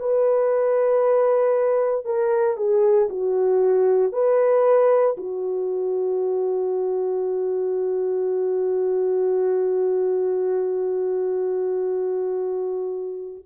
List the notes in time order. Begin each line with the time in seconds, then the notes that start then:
0.00 B4
2.05 A#4
2.57 G#4
3.10 F#4
4.13 B4
5.18 F#4